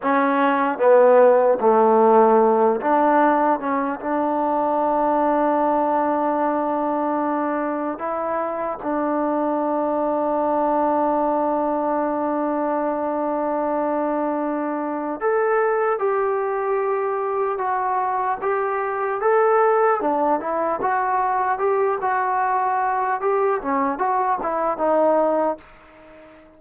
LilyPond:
\new Staff \with { instrumentName = "trombone" } { \time 4/4 \tempo 4 = 75 cis'4 b4 a4. d'8~ | d'8 cis'8 d'2.~ | d'2 e'4 d'4~ | d'1~ |
d'2. a'4 | g'2 fis'4 g'4 | a'4 d'8 e'8 fis'4 g'8 fis'8~ | fis'4 g'8 cis'8 fis'8 e'8 dis'4 | }